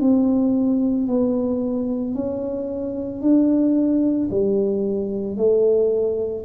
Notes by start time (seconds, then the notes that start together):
0.00 C4
1.07 B3
2.14 C#4
3.21 D4
4.30 G3
5.37 A3